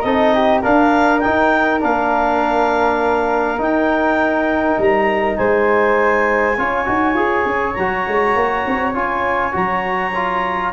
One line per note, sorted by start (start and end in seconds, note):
0.00 0.63 C4
0.00 0.62 D#4
0.00 0.34 A4
0.00 0.59 D#5
0.34 0.62 G4
0.62 1.21 D4
0.62 1.24 D4
0.62 5.37 A#4
0.62 1.19 F5
1.19 1.79 D#4
1.19 1.83 D#4
1.19 1.79 G5
1.79 3.59 A#3
1.79 3.57 D4
1.79 3.61 F5
3.57 6.54 D#4
3.57 4.77 D#4
3.57 4.80 G5
4.77 5.37 G3
4.77 5.37 A#5
5.37 6.57 G#3
5.37 6.57 C5
5.37 7.74 G#5
6.57 6.87 C#4
6.57 6.85 F4
6.57 10.72 C#5
6.85 7.13 D#4
6.85 7.15 F#4
7.13 7.43 F4
7.13 7.75 G#4
7.45 7.75 C#4
7.74 8.07 F#3
7.74 8.94 F#4
7.74 8.92 A#5
8.07 8.35 G#3
8.35 8.65 A#3
8.66 8.94 C4
8.94 9.53 C#4
8.94 9.52 F4
8.94 9.54 G#5
9.52 10.72 F#3
9.52 10.11 F#4
9.52 10.72 A#5
10.14 10.72 F4